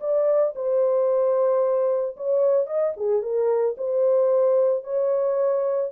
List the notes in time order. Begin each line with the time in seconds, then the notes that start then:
0.00 D5
0.55 C5
2.16 C#5
2.66 D#5
2.96 G#4
3.22 A#4
3.77 C5
4.84 C#5